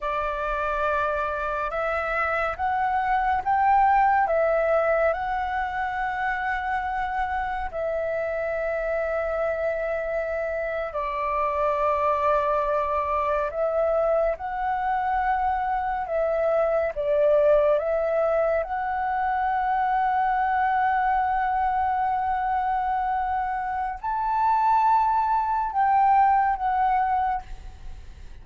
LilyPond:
\new Staff \with { instrumentName = "flute" } { \time 4/4 \tempo 4 = 70 d''2 e''4 fis''4 | g''4 e''4 fis''2~ | fis''4 e''2.~ | e''8. d''2. e''16~ |
e''8. fis''2 e''4 d''16~ | d''8. e''4 fis''2~ fis''16~ | fis''1 | a''2 g''4 fis''4 | }